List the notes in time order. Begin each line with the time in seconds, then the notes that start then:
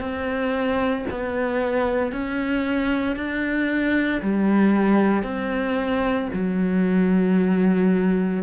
0.00 C4
1.11 B3
2.12 C#4
3.16 D4
4.22 G3
5.23 C4
6.33 F#3